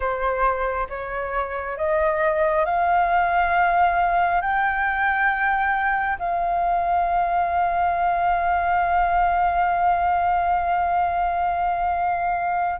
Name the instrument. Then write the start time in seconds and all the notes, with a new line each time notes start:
flute
0.00 C5
0.89 C#5
1.77 D#5
2.65 F5
4.41 G5
6.18 F5